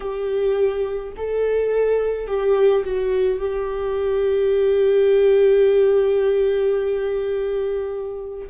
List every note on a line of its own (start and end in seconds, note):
0.00 1.13 G4
1.16 2.26 A4
2.26 2.83 G4
2.84 3.39 F#4
3.39 8.49 G4